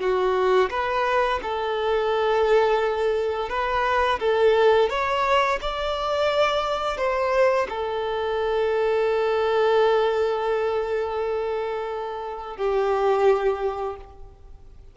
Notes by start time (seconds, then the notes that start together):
0.00 F#4
0.70 B4
1.43 A4
3.49 B4
4.20 A4
4.90 C#5
5.62 D5
6.98 C5
7.69 A4
12.57 G4